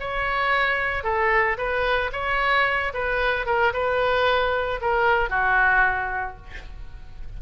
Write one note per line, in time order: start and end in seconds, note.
0.00 1.03 C#5
1.03 1.57 A4
1.57 2.11 B4
2.12 2.93 C#5
2.94 3.46 B4
3.46 3.73 A#4
3.73 4.80 B4
4.81 5.30 A#4
5.30 6.37 F#4